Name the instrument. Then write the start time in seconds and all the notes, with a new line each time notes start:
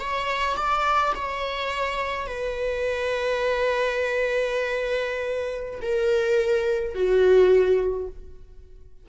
viola
0.00 C#5
0.57 D5
1.16 C#5
2.27 B4
5.82 A#4
6.95 F#4